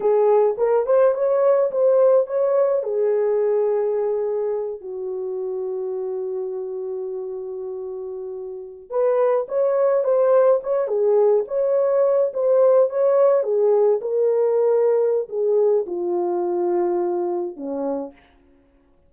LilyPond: \new Staff \with { instrumentName = "horn" } { \time 4/4 \tempo 4 = 106 gis'4 ais'8 c''8 cis''4 c''4 | cis''4 gis'2.~ | gis'8 fis'2.~ fis'8~ | fis'2.~ fis'8. b'16~ |
b'8. cis''4 c''4 cis''8 gis'8.~ | gis'16 cis''4. c''4 cis''4 gis'16~ | gis'8. ais'2~ ais'16 gis'4 | f'2. cis'4 | }